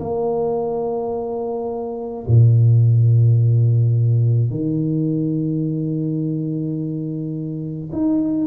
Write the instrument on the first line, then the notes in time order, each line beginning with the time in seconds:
tuba
0.00 A#3
2.27 A#2
4.50 D#3
7.92 D#4